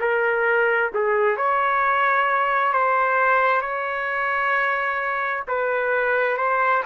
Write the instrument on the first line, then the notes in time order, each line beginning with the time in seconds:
trumpet
0.00 A#4
0.94 G#4
1.37 C#5
2.73 C5
3.61 C#5
5.48 B4
6.37 C5